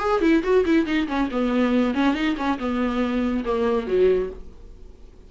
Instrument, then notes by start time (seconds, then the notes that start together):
viola
0.00 G#4
0.22 E4
0.43 F#4
0.66 E4
0.86 D#4
1.08 C#4
1.31 B3
1.95 C#4
2.15 D#4
2.37 C#4
2.59 B3
3.45 A#3
3.87 F#3